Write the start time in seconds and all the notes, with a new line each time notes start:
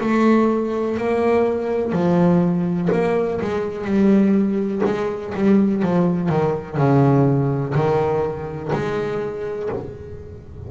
0.00 A3
0.97 A#3
1.92 F3
2.92 A#3
3.41 G#3
3.84 G3
4.85 G#3
5.34 G3
5.82 F3
6.29 D#3
6.77 C#3
7.74 D#3
8.72 G#3